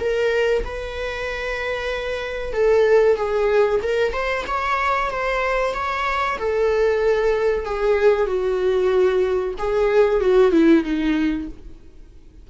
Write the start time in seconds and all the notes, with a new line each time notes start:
0.00 A#4
0.65 B4
2.53 A4
3.17 G#4
3.83 A#4
4.13 C5
4.47 C#5
5.11 C5
5.74 C#5
6.38 A4
7.65 G#4
8.27 F#4
9.58 G#4
10.20 F#4
10.52 E4
10.84 D#4